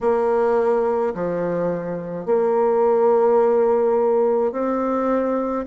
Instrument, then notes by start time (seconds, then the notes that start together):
bassoon
0.01 A#3
1.14 F3
2.25 A#3
4.52 C4